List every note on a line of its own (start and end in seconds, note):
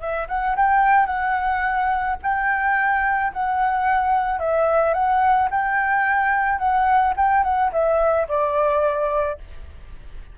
0.00 0.28 E5
0.28 0.56 F#5
0.56 1.06 G5
1.06 2.16 F#5
2.22 3.33 G5
3.33 4.39 F#5
4.39 4.94 E5
4.94 5.49 F#5
5.51 6.59 G5
6.59 7.14 F#5
7.17 7.43 G5
7.43 7.71 F#5
7.72 8.27 E5
8.28 9.38 D5